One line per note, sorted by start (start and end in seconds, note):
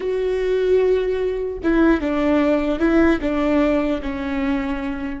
0.00 1.58 F#4
1.63 2.00 E4
2.00 2.79 D4
2.79 3.19 E4
3.21 4.01 D4
4.01 5.20 C#4